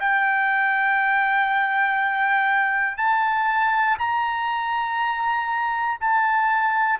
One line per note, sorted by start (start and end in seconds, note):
0.00 2.97 G5
2.97 3.97 A5
3.99 5.99 A#5
6.00 7.00 A5